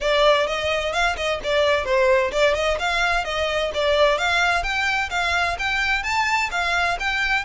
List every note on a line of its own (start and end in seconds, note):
0.00 0.47 D5
0.47 0.92 D#5
0.92 1.16 F5
1.16 1.40 D#5
1.43 1.84 D5
1.84 2.31 C5
2.31 2.54 D5
2.54 2.77 D#5
2.79 3.24 F5
3.24 3.71 D#5
3.74 4.18 D5
4.18 4.63 F5
4.63 5.09 G5
5.10 5.56 F5
5.59 6.03 G5
6.03 6.49 A5
6.51 6.97 F5
6.99 7.44 G5